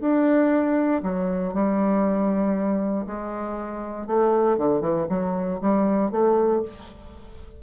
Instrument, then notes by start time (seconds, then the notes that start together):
bassoon
0.00 D4
1.03 F#3
1.53 G3
3.06 G#3
4.06 A3
4.57 D3
4.81 E3
5.09 F#3
5.60 G3
6.11 A3